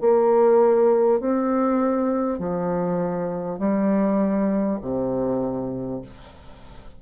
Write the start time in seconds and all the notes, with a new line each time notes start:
0.00 A#3
1.20 C4
2.38 F3
3.58 G3
4.81 C3